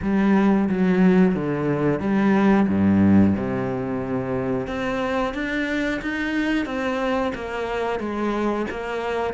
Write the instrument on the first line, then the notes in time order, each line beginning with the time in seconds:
cello
0.02 G3
0.69 F#3
1.35 D3
2.00 G3
2.68 G2
3.36 C3
4.67 C4
5.34 D4
6.01 D#4
6.65 C4
7.35 A#3
7.99 G#3
8.70 A#3